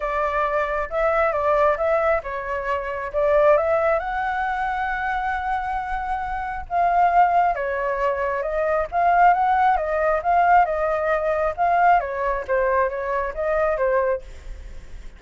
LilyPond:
\new Staff \with { instrumentName = "flute" } { \time 4/4 \tempo 4 = 135 d''2 e''4 d''4 | e''4 cis''2 d''4 | e''4 fis''2.~ | fis''2. f''4~ |
f''4 cis''2 dis''4 | f''4 fis''4 dis''4 f''4 | dis''2 f''4 cis''4 | c''4 cis''4 dis''4 c''4 | }